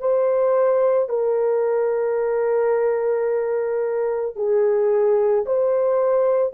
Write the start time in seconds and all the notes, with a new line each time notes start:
0.00 C5
1.09 A#4
4.36 G#4
5.46 C5